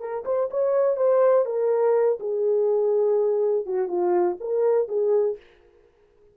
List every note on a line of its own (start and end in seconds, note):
0.00 0.24 A#4
0.25 0.49 C5
0.51 0.96 C#5
0.96 1.45 C5
1.45 2.19 A#4
2.20 3.66 G#4
3.66 3.88 F#4
3.88 4.37 F4
4.40 4.88 A#4
4.88 5.37 G#4